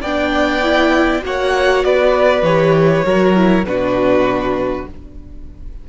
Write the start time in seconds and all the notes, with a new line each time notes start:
0.00 B3 D4 D5 G5
0.62 E4
1.21 A#3 F#4 C#5 F#5
1.84 B3 B4 D5
2.42 E3 G4 C#5
3.05 F#3 F#4 A#4
3.35 E4
3.63 B2 D4 F#4 B4